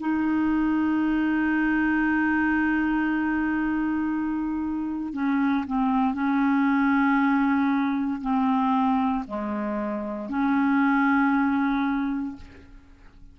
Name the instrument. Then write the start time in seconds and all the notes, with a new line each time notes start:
clarinet
0.00 D#4
5.13 C#4
5.67 C4
6.14 C#4
8.21 C4
9.27 G#3
10.29 C#4